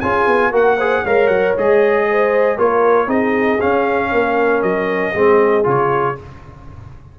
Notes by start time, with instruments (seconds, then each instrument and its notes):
0.00 tuba C#4, trombone F4, horn G#4, trumpet G#5
0.26 tuba B3
0.50 tuba A#3, trombone F#4, horn A#4, trumpet F#5
0.77 trombone G#4, horn C5
1.04 tuba G#3, trombone A#4, horn C#5, trumpet F5
1.27 tuba F#3, trumpet F#5
1.57 tuba G#3, trombone G#4, trumpet D#5
2.09 horn C5
2.57 tuba A#3, trombone F4, horn A#4, trumpet C#5
3.06 tuba C4, trombone D#4, horn G#4, trumpet D#5
3.60 trombone C#4, tuba C#4, trumpet F5
4.12 tuba A#3, horn A#4
4.62 tuba F#3, trumpet D#5
5.14 tuba G#3, trombone C4, horn G#4
5.63 tuba C#3, trombone F4, trumpet C#5